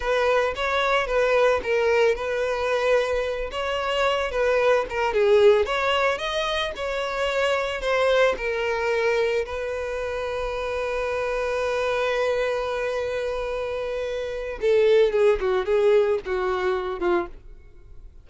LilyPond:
\new Staff \with { instrumentName = "violin" } { \time 4/4 \tempo 4 = 111 b'4 cis''4 b'4 ais'4 | b'2~ b'8 cis''4. | b'4 ais'8 gis'4 cis''4 dis''8~ | dis''8 cis''2 c''4 ais'8~ |
ais'4. b'2~ b'8~ | b'1~ | b'2. a'4 | gis'8 fis'8 gis'4 fis'4. f'8 | }